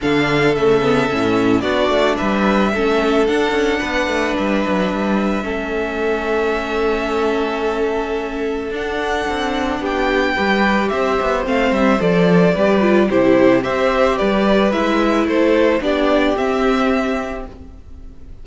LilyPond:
<<
  \new Staff \with { instrumentName = "violin" } { \time 4/4 \tempo 4 = 110 f''4 e''2 d''4 | e''2 fis''2 | e''1~ | e''1 |
fis''2 g''2 | e''4 f''8 e''8 d''2 | c''4 e''4 d''4 e''4 | c''4 d''4 e''2 | }
  \new Staff \with { instrumentName = "violin" } { \time 4/4 a'2. fis'4 | b'4 a'2 b'4~ | b'2 a'2~ | a'1~ |
a'2 g'4 b'4 | c''2. b'4 | g'4 c''4 b'2 | a'4 g'2. | }
  \new Staff \with { instrumentName = "viola" } { \time 4/4 d'4 a8 b8 cis'4 d'4~ | d'4 cis'4 d'2~ | d'2 cis'2~ | cis'1 |
d'2. g'4~ | g'4 c'4 a'4 g'8 f'8 | e'4 g'2 e'4~ | e'4 d'4 c'2 | }
  \new Staff \with { instrumentName = "cello" } { \time 4/4 d4 cis4 a,4 b8 a8 | g4 a4 d'8 cis'8 b8 a8 | g8 fis8 g4 a2~ | a1 |
d'4 c'4 b4 g4 | c'8 b8 a8 g8 f4 g4 | c4 c'4 g4 gis4 | a4 b4 c'2 | }
>>